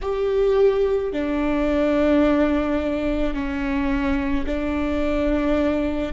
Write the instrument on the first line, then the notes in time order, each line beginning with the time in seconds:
viola
0.01 G4
1.13 D4
3.34 C#4
4.45 D4